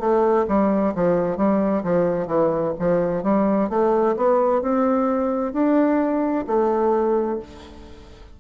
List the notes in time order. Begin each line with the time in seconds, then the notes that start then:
0.00 A3
0.48 G3
0.96 F3
1.37 G3
1.84 F3
2.27 E3
2.79 F3
3.23 G3
3.70 A3
4.17 B3
4.62 C4
5.53 D4
6.47 A3